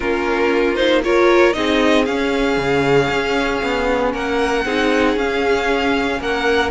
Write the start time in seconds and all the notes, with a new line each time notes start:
0.00 A#3 C#4 F4 A#4
0.75 D#4 C5
1.03 F4 A#4 C#5
1.53 C4 D#4 G#4 D#5
2.05 C#4 F5
2.57 C#3
3.10 C#4
3.62 B3
4.12 A#3 A#4 F#5
4.64 C4 D#4 G#4
5.16 C#4 F5
6.20 A#3 A#4 F#5